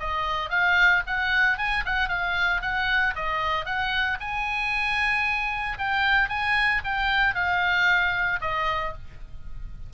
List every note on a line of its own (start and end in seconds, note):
0.00 0.50 D#5
0.50 1.03 F5
1.06 1.58 F#5
1.58 1.84 G#5
1.85 2.09 F#5
2.09 2.61 F5
2.61 3.14 F#5
3.15 3.65 D#5
3.65 4.18 F#5
4.20 5.78 G#5
5.78 6.29 G5
6.29 6.82 G#5
6.84 7.35 G5
7.35 8.40 F5
8.41 8.94 D#5